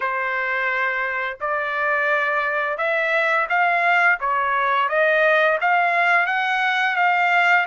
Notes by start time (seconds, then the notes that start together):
0.00 C5
1.40 D5
2.77 E5
3.49 F5
4.20 C#5
4.88 D#5
5.60 F5
6.26 F#5
6.96 F5